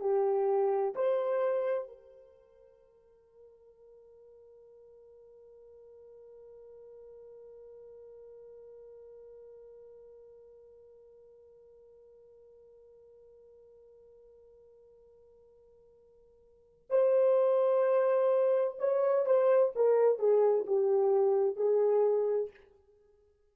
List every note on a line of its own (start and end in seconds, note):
0.00 0.94 G4
0.95 1.88 C5
1.88 16.88 A#4
16.90 18.78 C5
18.79 19.26 C#5
19.26 19.73 C5
19.75 20.19 A#4
20.19 20.66 G#4
20.67 21.56 G4
21.56 22.50 G#4